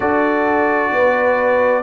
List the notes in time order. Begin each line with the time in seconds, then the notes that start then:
0.00 D4 F#4 A4 D5
0.92 B3 B4